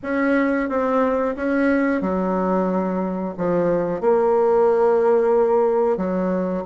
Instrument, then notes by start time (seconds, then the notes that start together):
bassoon
0.02 C#4
0.68 C4
1.35 C#4
2.01 F#3
3.37 F3
4.00 A#3
5.97 F#3